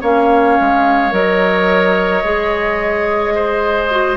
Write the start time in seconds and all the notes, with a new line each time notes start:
0.00 A#3 C#4 C#5 F5
0.60 G#3
1.11 F#3 A#4 D#5
2.24 G#3 G#4
3.35 C5
3.90 F#4